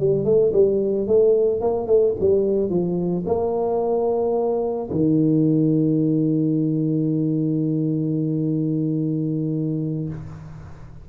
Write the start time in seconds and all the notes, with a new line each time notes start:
0.00 G3
0.25 A3
0.53 G3
1.08 A3
1.61 A#3
1.87 A3
2.20 G3
2.70 F3
3.26 A#3
4.91 D#3